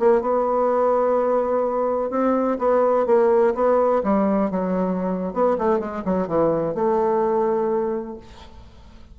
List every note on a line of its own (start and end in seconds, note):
0.00 0.22 A#3
0.22 2.11 B3
2.11 2.58 C4
2.59 3.07 B3
3.07 3.54 A#3
3.55 4.03 B3
4.04 4.51 G3
4.51 5.34 F#3
5.34 5.58 B3
5.59 5.80 A3
5.80 6.03 G#3
6.06 6.28 F#3
6.28 6.75 E3
6.75 8.18 A3